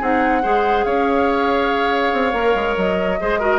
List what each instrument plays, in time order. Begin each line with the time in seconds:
0.00 bassoon C4, clarinet D#4, oboe G#4, flute F#5
0.43 bassoon G#3, clarinet G#4, oboe C5
0.85 bassoon C#4, oboe C#5, flute F5
2.13 bassoon C4
2.33 bassoon A#3, clarinet A#4
2.55 bassoon G#3
2.77 bassoon F#3, flute D#5
3.21 bassoon G#3, clarinet G#4, oboe C5
3.40 clarinet F#4, oboe A#4